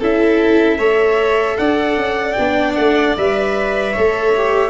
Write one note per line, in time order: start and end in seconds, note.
0.00 0.79 C#4
0.00 0.79 E4
0.00 0.78 A4
0.00 1.58 E5
0.78 1.58 A3
0.78 2.37 A4
0.78 1.57 C#5
1.58 1.97 D4
1.58 3.93 D5
1.58 2.33 F#5
1.97 2.36 C#4
2.33 2.77 B3
2.33 3.17 D4
2.33 2.73 G5
2.75 3.17 A3
2.75 3.15 F#5
3.17 3.96 G3
3.17 3.96 B4
3.17 4.71 E5
3.93 4.71 A3
3.93 4.36 A4
3.93 4.71 C#5
4.37 4.71 G4